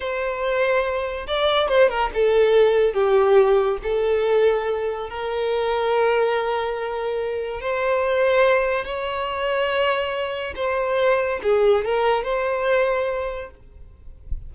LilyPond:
\new Staff \with { instrumentName = "violin" } { \time 4/4 \tempo 4 = 142 c''2. d''4 | c''8 ais'8 a'2 g'4~ | g'4 a'2. | ais'1~ |
ais'2 c''2~ | c''4 cis''2.~ | cis''4 c''2 gis'4 | ais'4 c''2. | }